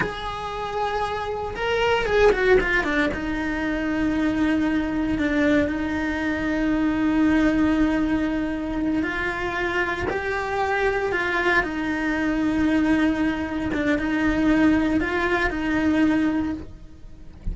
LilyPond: \new Staff \with { instrumentName = "cello" } { \time 4/4 \tempo 4 = 116 gis'2. ais'4 | gis'8 fis'8 f'8 d'8 dis'2~ | dis'2 d'4 dis'4~ | dis'1~ |
dis'4. f'2 g'8~ | g'4. f'4 dis'4.~ | dis'2~ dis'8 d'8 dis'4~ | dis'4 f'4 dis'2 | }